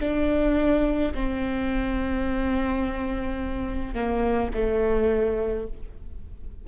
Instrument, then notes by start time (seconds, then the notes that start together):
viola
0.00 D4
1.14 C4
3.94 A#3
4.54 A3